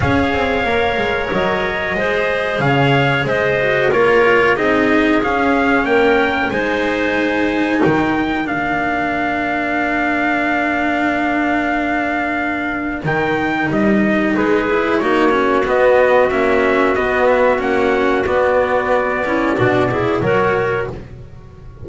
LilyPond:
<<
  \new Staff \with { instrumentName = "trumpet" } { \time 4/4 \tempo 4 = 92 f''2 dis''2 | f''4 dis''4 cis''4 dis''4 | f''4 g''4 gis''2 | g''4 f''2.~ |
f''1 | g''4 dis''4 b'4 cis''4 | dis''4 e''4 dis''8 e''8 fis''4 | d''2. cis''4 | }
  \new Staff \with { instrumentName = "clarinet" } { \time 4/4 cis''2. c''4 | cis''4 c''4 ais'4 gis'4~ | gis'4 ais'4 c''2 | ais'1~ |
ais'1~ | ais'2 gis'4 fis'4~ | fis'1~ | fis'4. e'8 fis'8 gis'8 ais'4 | }
  \new Staff \with { instrumentName = "cello" } { \time 4/4 gis'4 ais'2 gis'4~ | gis'4. fis'8 f'4 dis'4 | cis'2 dis'2~ | dis'4 d'2.~ |
d'1 | dis'2~ dis'8 e'8 dis'8 cis'8 | b4 cis'4 b4 cis'4 | b4. cis'8 d'8 e'8 fis'4 | }
  \new Staff \with { instrumentName = "double bass" } { \time 4/4 cis'8 c'8 ais8 gis8 fis4 gis4 | cis4 gis4 ais4 c'4 | cis'4 ais4 gis2 | dis4 ais2.~ |
ais1 | dis4 g4 gis4 ais4 | b4 ais4 b4 ais4 | b2 b,4 fis4 | }
>>